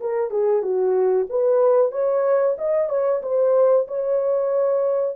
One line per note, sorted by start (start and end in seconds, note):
0.00 0.30 A#4
0.30 0.62 G#4
0.62 1.26 F#4
1.29 1.91 B4
1.91 2.56 C#5
2.57 2.89 D#5
2.89 3.21 C#5
3.22 3.87 C5
3.87 5.16 C#5